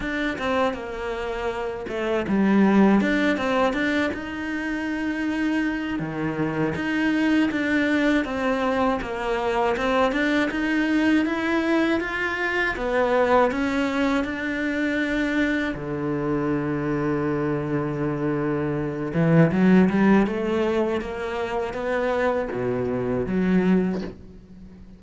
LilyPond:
\new Staff \with { instrumentName = "cello" } { \time 4/4 \tempo 4 = 80 d'8 c'8 ais4. a8 g4 | d'8 c'8 d'8 dis'2~ dis'8 | dis4 dis'4 d'4 c'4 | ais4 c'8 d'8 dis'4 e'4 |
f'4 b4 cis'4 d'4~ | d'4 d2.~ | d4. e8 fis8 g8 a4 | ais4 b4 b,4 fis4 | }